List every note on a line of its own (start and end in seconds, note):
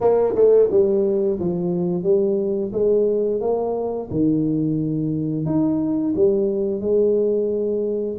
0.00 0.34 A#3
0.35 0.69 A3
0.70 1.39 G3
1.39 2.03 F3
2.03 2.71 G3
2.72 3.41 G#3
3.41 4.09 A#3
4.10 5.45 D#3
5.45 6.14 D#4
6.15 6.80 G3
6.80 8.17 G#3